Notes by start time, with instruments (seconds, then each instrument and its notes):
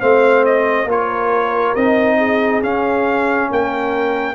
0.00 tuba A3, trombone C4, horn C5, trumpet F5
0.45 trumpet D#5
0.86 tuba A#3, trombone F4, horn A#4, trumpet C#5
1.75 tuba C4, trombone D#4, trumpet D#5
2.17 horn G#4
2.63 trombone C#4, tuba C#4, trumpet F5
3.50 tuba A#3, horn A#4, trumpet G5